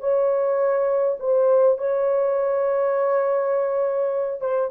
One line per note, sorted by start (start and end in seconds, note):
0.00 1.18 C#5
1.20 1.78 C5
1.78 4.41 C#5
4.41 4.71 C5